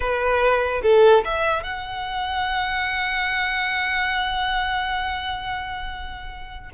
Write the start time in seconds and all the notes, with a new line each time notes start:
0.00 B4
0.83 A4
1.25 E5
1.63 F#5